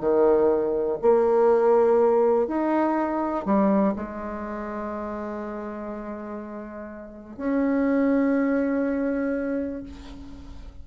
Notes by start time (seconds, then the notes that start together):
0.00 D#3
1.01 A#3
2.47 D#4
3.45 G3
3.95 G#3
7.37 C#4